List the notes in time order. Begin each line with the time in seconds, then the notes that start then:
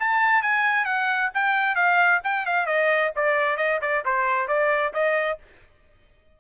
0.00 A5
0.42 G#5
0.85 F#5
1.35 G5
1.76 F5
2.24 G5
2.46 F5
2.67 D#5
3.16 D5
3.57 D#5
3.82 D5
4.05 C5
4.48 D5
4.94 D#5